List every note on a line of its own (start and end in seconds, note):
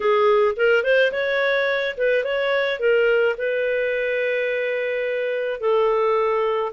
0.00 0.54 G#4
0.56 0.83 A#4
0.83 1.11 C5
1.12 1.96 C#5
1.97 2.24 B4
2.24 2.79 C#5
2.79 3.35 A#4
3.37 5.60 B4
5.60 6.72 A4